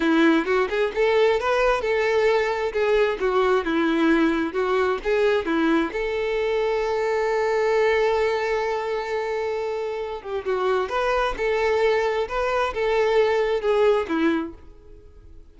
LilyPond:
\new Staff \with { instrumentName = "violin" } { \time 4/4 \tempo 4 = 132 e'4 fis'8 gis'8 a'4 b'4 | a'2 gis'4 fis'4 | e'2 fis'4 gis'4 | e'4 a'2.~ |
a'1~ | a'2~ a'8 g'8 fis'4 | b'4 a'2 b'4 | a'2 gis'4 e'4 | }